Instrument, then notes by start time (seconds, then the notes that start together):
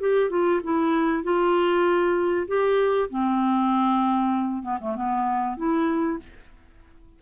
clarinet
0.00 G4
0.30 F4
0.63 E4
1.23 F4
2.47 G4
3.10 C4
4.63 B3
4.80 A3
4.95 B3
5.57 E4